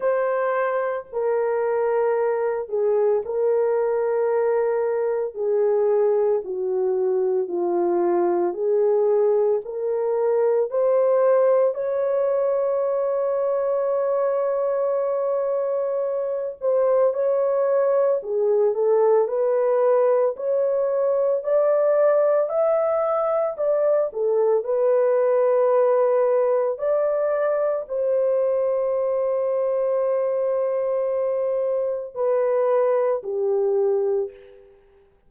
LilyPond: \new Staff \with { instrumentName = "horn" } { \time 4/4 \tempo 4 = 56 c''4 ais'4. gis'8 ais'4~ | ais'4 gis'4 fis'4 f'4 | gis'4 ais'4 c''4 cis''4~ | cis''2.~ cis''8 c''8 |
cis''4 gis'8 a'8 b'4 cis''4 | d''4 e''4 d''8 a'8 b'4~ | b'4 d''4 c''2~ | c''2 b'4 g'4 | }